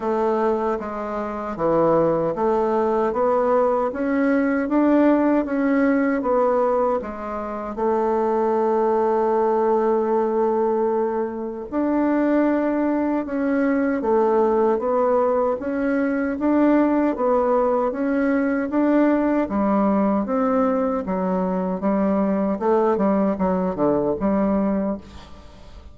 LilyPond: \new Staff \with { instrumentName = "bassoon" } { \time 4/4 \tempo 4 = 77 a4 gis4 e4 a4 | b4 cis'4 d'4 cis'4 | b4 gis4 a2~ | a2. d'4~ |
d'4 cis'4 a4 b4 | cis'4 d'4 b4 cis'4 | d'4 g4 c'4 fis4 | g4 a8 g8 fis8 d8 g4 | }